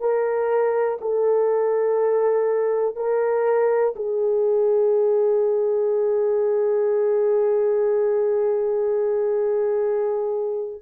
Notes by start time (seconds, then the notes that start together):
0.00 A#4
1.01 A4
2.96 A#4
3.96 G#4